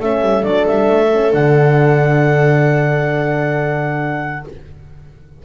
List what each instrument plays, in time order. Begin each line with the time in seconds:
0.00 double bass A3, horn C#4, viola A4, clarinet E5
0.21 double bass G3
0.44 double bass F#3, horn D4, clarinet D5
0.67 double bass G3, clarinet E5
0.90 double bass A3
1.13 horn C#4
1.33 double bass D3, horn D4, clarinet F#5